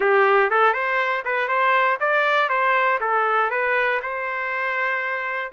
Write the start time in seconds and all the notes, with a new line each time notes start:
0.00 G4
0.50 A4
0.73 C5
1.24 B4
1.48 C5
2.00 D5
2.49 C5
3.00 A4
3.50 B4
4.02 C5